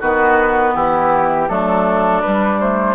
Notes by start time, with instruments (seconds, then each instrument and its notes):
0.00 bassoon D#3, clarinet B3, oboe F#4, flute B4
0.74 bassoon E3, oboe E4, flute G4
1.48 bassoon F#3, clarinet A3, oboe D4, flute A4
2.21 clarinet G3, bassoon G3, flute B4
2.60 clarinet A3, flute C5